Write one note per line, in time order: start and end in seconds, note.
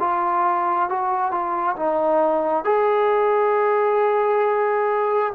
0.00 0.90 F4
0.90 1.31 F#4
1.31 1.76 F4
1.77 2.65 D#4
2.65 5.34 G#4